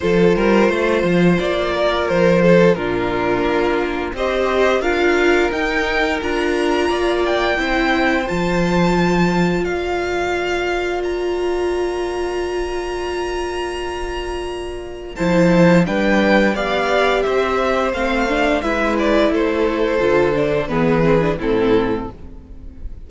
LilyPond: <<
  \new Staff \with { instrumentName = "violin" } { \time 4/4 \tempo 4 = 87 c''2 d''4 c''4 | ais'2 dis''4 f''4 | g''4 ais''4. g''4. | a''2 f''2 |
ais''1~ | ais''2 a''4 g''4 | f''4 e''4 f''4 e''8 d''8 | c''2 b'4 a'4 | }
  \new Staff \with { instrumentName = "violin" } { \time 4/4 a'8 ais'8 c''4. ais'4 a'8 | f'2 c''4 ais'4~ | ais'2 d''4 c''4~ | c''2 d''2~ |
d''1~ | d''2 c''4 b'4 | d''4 c''2 b'4 | a'2 gis'4 e'4 | }
  \new Staff \with { instrumentName = "viola" } { \time 4/4 f'1 | d'2 g'4 f'4 | dis'4 f'2 e'4 | f'1~ |
f'1~ | f'2 e'4 d'4 | g'2 c'8 d'8 e'4~ | e'4 f'8 d'8 b8 c'16 d'16 c'4 | }
  \new Staff \with { instrumentName = "cello" } { \time 4/4 f8 g8 a8 f8 ais4 f4 | ais,4 ais4 c'4 d'4 | dis'4 d'4 ais4 c'4 | f2 ais2~ |
ais1~ | ais2 f4 g4 | b4 c'4 a4 gis4 | a4 d4 e4 a,4 | }
>>